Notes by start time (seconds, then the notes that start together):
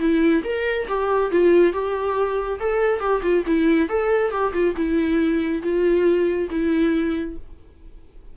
0.00 E4
0.44 A#4
0.88 G4
1.32 F4
1.73 G4
2.60 A4
3.00 G4
3.23 F4
3.47 E4
3.89 A4
4.32 G4
4.54 F4
4.76 E4
5.63 F4
6.51 E4